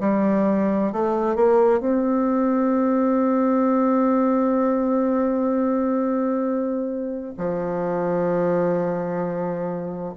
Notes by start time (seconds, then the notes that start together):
0.00 G3
0.92 A3
1.36 A#3
1.80 C4
7.37 F3